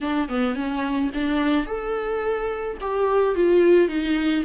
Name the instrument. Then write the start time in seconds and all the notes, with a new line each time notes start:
viola
0.01 D4
0.29 B3
0.55 C#4
1.14 D4
1.66 A4
2.80 G4
3.35 F4
3.88 D#4